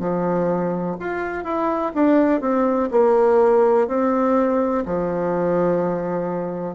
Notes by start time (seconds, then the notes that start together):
0.00 F3
1.00 F4
1.44 E4
1.95 D4
2.41 C4
2.92 A#3
3.88 C4
4.86 F3